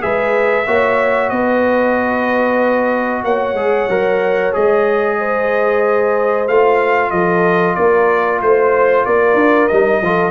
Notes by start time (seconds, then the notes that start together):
0.00 G#3 G#4 B4 E5
0.66 A#3 F#4 C#5
1.29 B3 B4 D#5
3.24 A#3 C#5 F#5
3.53 G#3 G#4
3.89 F#3 A#4
4.52 G#3 G#4 D#5
5.18 C5
6.48 A3 F4 F5
7.10 F3 A4 D#5
7.75 A#3 A#4 D5
8.41 A3 C5
9.05 A#3 A#4 D5
9.34 D4
9.67 G3 D#4 D#5
10.01 F3 F4 A4